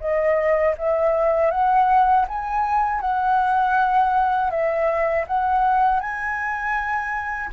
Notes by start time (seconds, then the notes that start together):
0.00 D#5
0.77 E5
1.51 F#5
2.28 G#5
3.01 F#5
4.50 E5
5.27 F#5
6.00 G#5